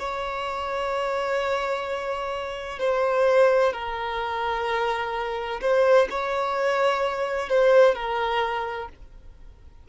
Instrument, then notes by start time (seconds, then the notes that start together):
violin
0.00 C#5
2.80 C5
3.73 A#4
5.62 C5
6.11 C#5
7.50 C5
7.95 A#4